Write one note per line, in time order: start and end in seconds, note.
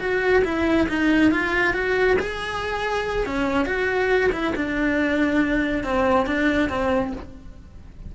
0.00 0.43 F#4
0.45 0.88 E4
0.89 1.32 D#4
1.32 1.74 F4
1.74 2.17 F#4
2.20 3.26 G#4
3.26 3.66 C#4
3.66 4.31 F#4
4.32 4.54 E4
4.56 5.84 D4
5.84 6.27 C4
6.27 6.70 D4
6.70 7.13 C4